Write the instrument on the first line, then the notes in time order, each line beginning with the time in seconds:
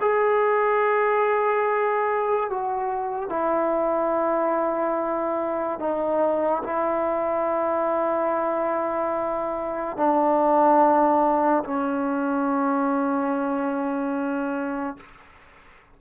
trombone
0.00 G#4
2.49 F#4
3.29 E4
5.79 D#4
6.63 E4
9.97 D4
11.64 C#4